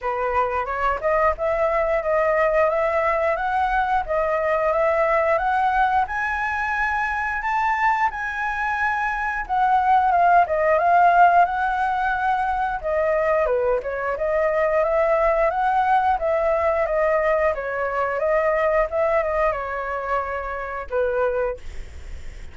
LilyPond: \new Staff \with { instrumentName = "flute" } { \time 4/4 \tempo 4 = 89 b'4 cis''8 dis''8 e''4 dis''4 | e''4 fis''4 dis''4 e''4 | fis''4 gis''2 a''4 | gis''2 fis''4 f''8 dis''8 |
f''4 fis''2 dis''4 | b'8 cis''8 dis''4 e''4 fis''4 | e''4 dis''4 cis''4 dis''4 | e''8 dis''8 cis''2 b'4 | }